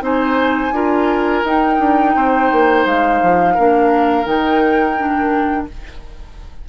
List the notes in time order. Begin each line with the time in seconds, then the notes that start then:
0.00 C4 D#4 C5 G#5
0.71 D4 F4 A#4
1.43 D#4 G5
1.79 D4
2.15 C4 C5
2.51 A#3
2.85 G#3 F5
3.22 F3
3.54 A#3 D4 A#4
4.24 D#3 D#4 G5
4.97 D4